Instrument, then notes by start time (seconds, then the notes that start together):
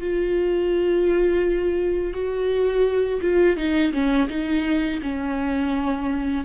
viola
0.00 F4
2.13 F#4
3.21 F4
3.56 D#4
3.93 C#4
4.29 D#4
5.02 C#4